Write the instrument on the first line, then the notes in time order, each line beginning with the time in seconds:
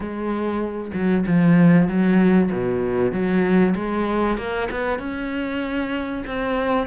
cello
0.00 G#3
0.93 F#3
1.26 F3
1.88 F#3
2.51 B2
3.12 F#3
3.75 G#3
4.37 A#3
4.70 B3
4.99 C#4
6.26 C4